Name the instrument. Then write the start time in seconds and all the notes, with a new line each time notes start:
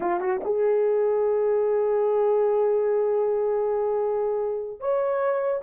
horn
0.00 F4
0.20 F#4
0.44 G#4
4.80 C#5